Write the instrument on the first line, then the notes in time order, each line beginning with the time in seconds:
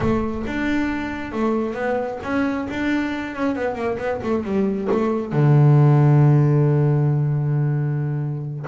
double bass
0.00 A3
0.46 D4
1.32 A3
1.74 B3
2.23 C#4
2.70 D4
3.35 C#4
3.55 B3
3.75 A#3
3.98 B3
4.22 A3
4.43 G3
4.91 A3
5.32 D3